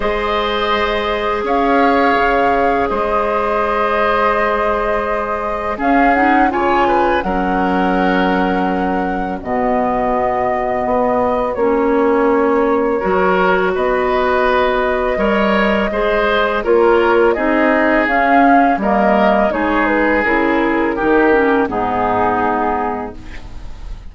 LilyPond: <<
  \new Staff \with { instrumentName = "flute" } { \time 4/4 \tempo 4 = 83 dis''2 f''2 | dis''1 | f''8 fis''8 gis''4 fis''2~ | fis''4 dis''2. |
cis''2. dis''4~ | dis''2. cis''4 | dis''4 f''4 dis''4 cis''8 b'8 | ais'2 gis'2 | }
  \new Staff \with { instrumentName = "oboe" } { \time 4/4 c''2 cis''2 | c''1 | gis'4 cis''8 b'8 ais'2~ | ais'4 fis'2.~ |
fis'2 ais'4 b'4~ | b'4 cis''4 c''4 ais'4 | gis'2 ais'4 gis'4~ | gis'4 g'4 dis'2 | }
  \new Staff \with { instrumentName = "clarinet" } { \time 4/4 gis'1~ | gis'1 | cis'8 dis'8 f'4 cis'2~ | cis'4 b2. |
cis'2 fis'2~ | fis'4 ais'4 gis'4 f'4 | dis'4 cis'4 ais4 dis'4 | e'4 dis'8 cis'8 b2 | }
  \new Staff \with { instrumentName = "bassoon" } { \time 4/4 gis2 cis'4 cis4 | gis1 | cis'4 cis4 fis2~ | fis4 b,2 b4 |
ais2 fis4 b4~ | b4 g4 gis4 ais4 | c'4 cis'4 g4 gis4 | cis4 dis4 gis,2 | }
>>